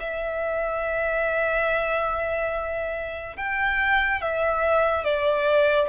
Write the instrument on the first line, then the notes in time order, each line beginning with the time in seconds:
violin
0.00 E5
3.37 G5
4.22 E5
5.04 D5